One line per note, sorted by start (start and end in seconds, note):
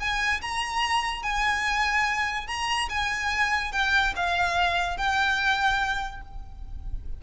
0.00 0.41 G#5
0.42 1.24 A#5
1.24 2.48 G#5
2.48 2.89 A#5
2.90 3.72 G#5
3.73 4.14 G5
4.16 4.98 F5
4.98 6.22 G5